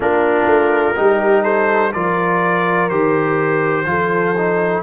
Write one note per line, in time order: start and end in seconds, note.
0.00 0.46 A#3
0.00 0.95 D4
0.00 0.96 F4
0.00 1.43 A#4
0.46 0.94 A3
0.96 1.94 G3
0.96 1.92 D#4
0.96 1.43 G4
1.43 1.91 A4
1.43 1.92 C5
1.93 2.90 F3
1.93 2.90 F4
1.93 3.87 A#4
1.93 2.89 D5
2.89 3.85 D#3
2.89 3.85 G4
2.89 4.82 C5
3.85 4.82 F3
3.85 4.34 F4
3.85 4.83 A4
4.37 4.83 D#4